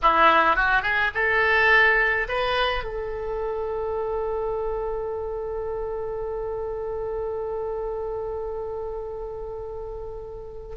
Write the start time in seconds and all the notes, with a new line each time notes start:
0.02 E4
0.56 F#4
0.82 G#4
1.14 A4
2.28 B4
2.84 A4